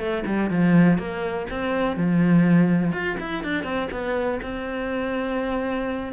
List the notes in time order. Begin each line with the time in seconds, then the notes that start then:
0.00 A3
0.26 G3
0.51 F3
0.98 A#3
1.51 C4
1.97 F3
2.93 F4
3.20 E4
3.44 D4
3.65 C4
3.92 B3
4.43 C4